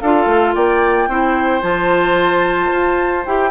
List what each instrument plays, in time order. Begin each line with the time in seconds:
0.00 bassoon D4, clarinet F4, oboe A4, flute F5
0.26 bassoon A3
0.54 bassoon A#3, oboe D5, flute G5
1.08 bassoon C4, clarinet E4, oboe C5
1.61 bassoon F3, clarinet F4, flute A5
2.72 bassoon F4
3.25 bassoon E4, clarinet G4, flute G5